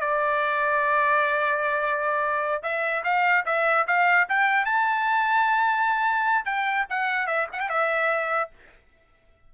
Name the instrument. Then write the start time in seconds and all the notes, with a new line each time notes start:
trumpet
0.00 D5
2.62 E5
3.04 F5
3.45 E5
3.87 F5
4.29 G5
4.65 A5
6.45 G5
6.89 F#5
7.27 E5
7.52 F#5
7.60 G5
7.69 E5